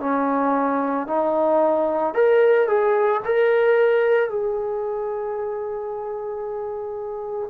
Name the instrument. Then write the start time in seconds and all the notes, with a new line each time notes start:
trombone
0.00 C#4
1.07 D#4
2.14 A#4
2.67 G#4
3.25 A#4
4.29 G#4